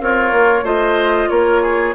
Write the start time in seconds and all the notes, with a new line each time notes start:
0.00 C4 F4 A#4 C#5
0.33 A#3
0.63 A3 F4 C5 D#5
1.30 A#3 A#4 C#5
1.62 G#4